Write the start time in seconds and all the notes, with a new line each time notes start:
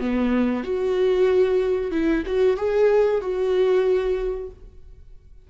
0.00 B3
0.64 F#4
1.91 E4
2.26 F#4
2.57 G#4
3.21 F#4